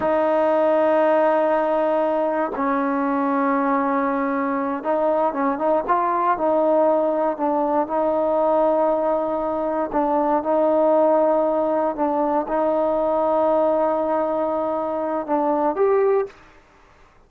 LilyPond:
\new Staff \with { instrumentName = "trombone" } { \time 4/4 \tempo 4 = 118 dis'1~ | dis'4 cis'2.~ | cis'4. dis'4 cis'8 dis'8 f'8~ | f'8 dis'2 d'4 dis'8~ |
dis'2.~ dis'8 d'8~ | d'8 dis'2. d'8~ | d'8 dis'2.~ dis'8~ | dis'2 d'4 g'4 | }